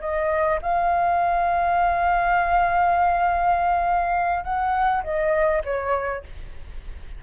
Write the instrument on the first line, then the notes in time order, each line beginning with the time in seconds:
flute
0.00 D#5
0.62 F5
4.44 F#5
5.03 D#5
5.64 C#5